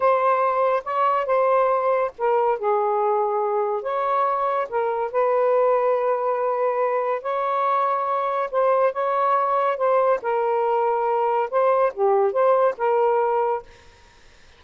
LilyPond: \new Staff \with { instrumentName = "saxophone" } { \time 4/4 \tempo 4 = 141 c''2 cis''4 c''4~ | c''4 ais'4 gis'2~ | gis'4 cis''2 ais'4 | b'1~ |
b'4 cis''2. | c''4 cis''2 c''4 | ais'2. c''4 | g'4 c''4 ais'2 | }